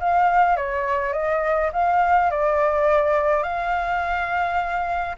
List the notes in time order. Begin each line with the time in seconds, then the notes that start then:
0.00 F5
0.57 C#5
1.13 D#5
1.73 F5
2.31 D5
3.43 F5